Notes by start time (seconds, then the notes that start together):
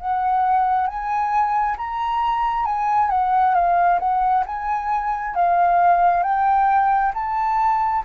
0.00 F#5
0.88 G#5
1.78 A#5
2.65 G#5
3.11 F#5
3.55 F5
4.00 F#5
4.46 G#5
5.35 F5
6.23 G5
7.14 A5